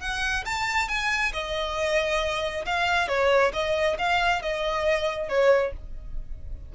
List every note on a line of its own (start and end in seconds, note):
0.00 0.44 F#5
0.45 0.88 A5
0.88 1.33 G#5
1.33 2.65 D#5
2.66 3.08 F5
3.08 3.52 C#5
3.53 3.97 D#5
3.98 4.42 F5
4.42 5.29 D#5
5.29 5.73 C#5